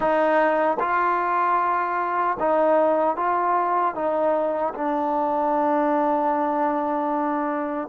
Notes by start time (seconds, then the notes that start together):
0.00 D#4
0.79 F4
2.39 D#4
3.16 F4
3.94 D#4
4.74 D4